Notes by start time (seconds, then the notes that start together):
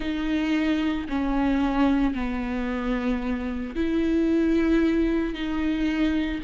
0.00 D#4
1.09 C#4
2.14 B3
3.75 E4
5.33 D#4